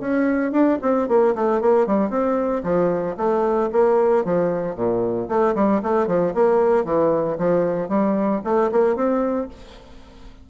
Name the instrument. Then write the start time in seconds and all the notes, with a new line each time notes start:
bassoon
0.00 C#4
0.52 D4
0.82 C4
1.08 A#3
1.35 A3
1.61 A#3
1.87 G3
2.10 C4
2.63 F3
3.17 A3
3.72 A#3
4.25 F3
4.76 A#2
5.29 A3
5.55 G3
5.83 A3
6.07 F3
6.34 A#3
6.85 E3
7.38 F3
7.89 G3
8.44 A3
8.72 A#3
8.96 C4